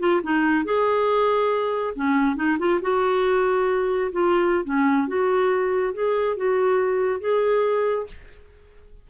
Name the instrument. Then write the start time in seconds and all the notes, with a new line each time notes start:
clarinet
0.00 F4
0.24 D#4
0.65 G#4
1.96 C#4
2.36 D#4
2.59 F4
2.82 F#4
4.12 F4
4.65 C#4
5.08 F#4
5.94 G#4
6.37 F#4
7.21 G#4